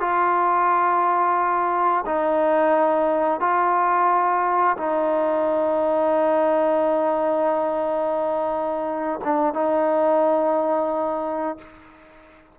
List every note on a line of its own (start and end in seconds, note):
0.00 2.05 F4
2.06 3.40 D#4
3.40 4.76 F4
4.77 9.20 D#4
9.24 9.54 D4
9.54 11.58 D#4